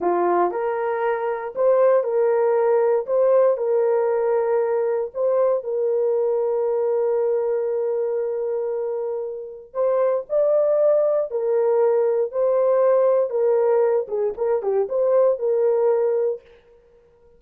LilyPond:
\new Staff \with { instrumentName = "horn" } { \time 4/4 \tempo 4 = 117 f'4 ais'2 c''4 | ais'2 c''4 ais'4~ | ais'2 c''4 ais'4~ | ais'1~ |
ais'2. c''4 | d''2 ais'2 | c''2 ais'4. gis'8 | ais'8 g'8 c''4 ais'2 | }